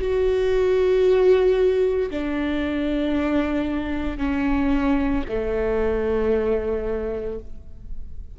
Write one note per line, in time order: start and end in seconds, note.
0.00 2.11 F#4
2.11 4.18 D4
4.18 5.23 C#4
5.29 7.40 A3